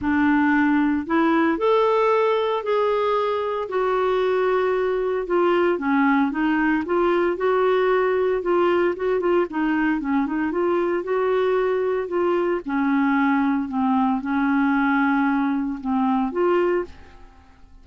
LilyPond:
\new Staff \with { instrumentName = "clarinet" } { \time 4/4 \tempo 4 = 114 d'2 e'4 a'4~ | a'4 gis'2 fis'4~ | fis'2 f'4 cis'4 | dis'4 f'4 fis'2 |
f'4 fis'8 f'8 dis'4 cis'8 dis'8 | f'4 fis'2 f'4 | cis'2 c'4 cis'4~ | cis'2 c'4 f'4 | }